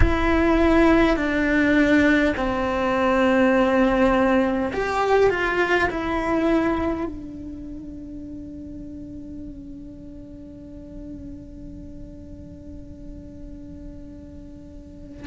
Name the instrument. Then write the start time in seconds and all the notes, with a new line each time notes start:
cello
0.00 E4
1.16 D4
2.36 C4
4.73 G4
5.29 F4
5.90 E4
7.05 D4